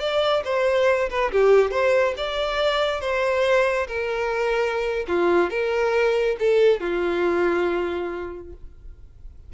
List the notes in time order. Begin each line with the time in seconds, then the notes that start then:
0.00 D5
0.45 C5
1.10 B4
1.32 G4
1.71 C5
2.17 D5
3.01 C5
3.88 A#4
5.08 F4
5.50 A#4
6.40 A4
6.81 F4